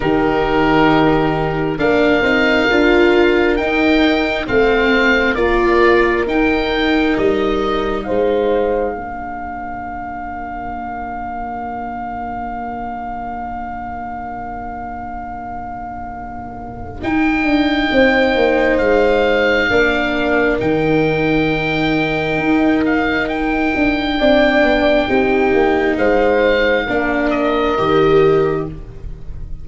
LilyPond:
<<
  \new Staff \with { instrumentName = "oboe" } { \time 4/4 \tempo 4 = 67 ais'2 f''2 | g''4 f''4 d''4 g''4 | dis''4 f''2.~ | f''1~ |
f''2. g''4~ | g''4 f''2 g''4~ | g''4. f''8 g''2~ | g''4 f''4. dis''4. | }
  \new Staff \with { instrumentName = "horn" } { \time 4/4 g'2 ais'2~ | ais'4 c''4 ais'2~ | ais'4 c''4 ais'2~ | ais'1~ |
ais'1 | c''2 ais'2~ | ais'2. d''4 | g'4 c''4 ais'2 | }
  \new Staff \with { instrumentName = "viola" } { \time 4/4 dis'2 d'8 dis'8 f'4 | dis'4 c'4 f'4 dis'4~ | dis'2 d'2~ | d'1~ |
d'2. dis'4~ | dis'2 d'4 dis'4~ | dis'2. d'4 | dis'2 d'4 g'4 | }
  \new Staff \with { instrumentName = "tuba" } { \time 4/4 dis2 ais8 c'8 d'4 | dis'4 a4 ais4 dis'4 | g4 gis4 ais2~ | ais1~ |
ais2. dis'8 d'8 | c'8 ais8 gis4 ais4 dis4~ | dis4 dis'4. d'8 c'8 b8 | c'8 ais8 gis4 ais4 dis4 | }
>>